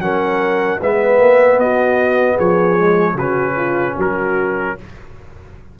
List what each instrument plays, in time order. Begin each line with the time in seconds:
0.00 tuba F#3, trombone C#4, horn A#4, trumpet F#5
0.81 tuba G#3, trombone B3, horn B4, trumpet E5
1.19 tuba A#3
1.58 tuba B3, horn F#4, trumpet D#5
2.36 tuba F3, horn G#4, trumpet C#5
2.79 trombone G#3
3.15 tuba C#3, horn F#4, trumpet B4
3.21 trombone C#4
3.56 horn F4
3.97 tuba F#3, horn F#4, trumpet A#4